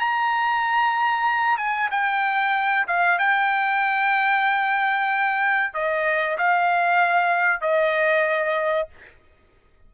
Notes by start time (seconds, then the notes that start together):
0.00 A#5
1.58 G#5
1.91 G5
2.88 F5
3.19 G5
5.74 D#5
6.38 F5
7.62 D#5